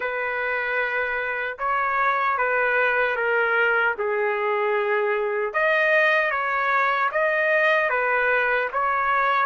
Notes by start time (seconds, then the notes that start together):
0.00 B4
1.58 C#5
2.37 B4
3.16 A#4
3.98 G#4
5.53 D#5
6.30 C#5
7.11 D#5
7.89 B4
8.72 C#5